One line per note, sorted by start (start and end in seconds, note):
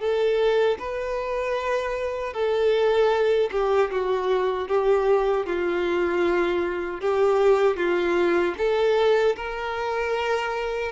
0.00 0.78 A4
0.79 2.33 B4
2.33 3.50 A4
3.52 3.91 G4
3.91 4.68 F#4
4.68 5.46 G4
5.46 7.01 F4
7.01 7.77 G4
7.77 8.55 F4
8.58 9.36 A4
9.36 10.92 A#4